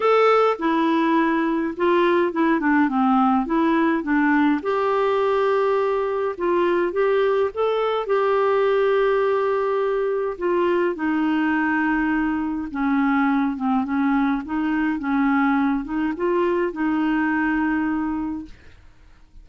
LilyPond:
\new Staff \with { instrumentName = "clarinet" } { \time 4/4 \tempo 4 = 104 a'4 e'2 f'4 | e'8 d'8 c'4 e'4 d'4 | g'2. f'4 | g'4 a'4 g'2~ |
g'2 f'4 dis'4~ | dis'2 cis'4. c'8 | cis'4 dis'4 cis'4. dis'8 | f'4 dis'2. | }